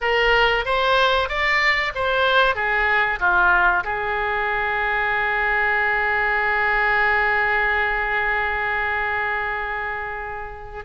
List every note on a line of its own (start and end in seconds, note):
0.01 0.65 A#4
0.65 1.28 C5
1.28 1.92 D5
1.95 2.55 C5
2.55 3.19 G#4
3.19 3.83 F4
3.84 10.85 G#4